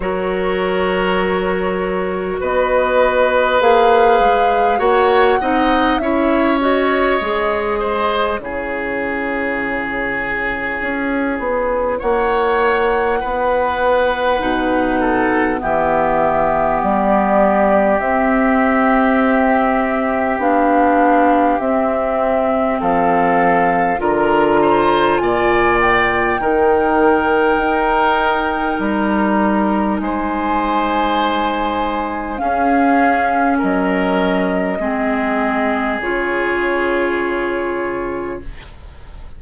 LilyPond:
<<
  \new Staff \with { instrumentName = "flute" } { \time 4/4 \tempo 4 = 50 cis''2 dis''4 f''4 | fis''4 e''8 dis''4. cis''4~ | cis''2 fis''2~ | fis''4 e''4 d''4 e''4~ |
e''4 f''4 e''4 f''4 | ais''4 gis''8 g''2~ g''8 | ais''4 gis''2 f''4 | dis''2 cis''2 | }
  \new Staff \with { instrumentName = "oboe" } { \time 4/4 ais'2 b'2 | cis''8 dis''8 cis''4. c''8 gis'4~ | gis'2 cis''4 b'4~ | b'8 a'8 g'2.~ |
g'2. a'4 | ais'8 c''8 d''4 ais'2~ | ais'4 c''2 gis'4 | ais'4 gis'2. | }
  \new Staff \with { instrumentName = "clarinet" } { \time 4/4 fis'2. gis'4 | fis'8 dis'8 e'8 fis'8 gis'4 e'4~ | e'1 | dis'4 b2 c'4~ |
c'4 d'4 c'2 | f'2 dis'2~ | dis'2. cis'4~ | cis'4 c'4 f'2 | }
  \new Staff \with { instrumentName = "bassoon" } { \time 4/4 fis2 b4 ais8 gis8 | ais8 c'8 cis'4 gis4 cis4~ | cis4 cis'8 b8 ais4 b4 | b,4 e4 g4 c'4~ |
c'4 b4 c'4 f4 | d4 ais,4 dis4 dis'4 | g4 gis2 cis'4 | fis4 gis4 cis2 | }
>>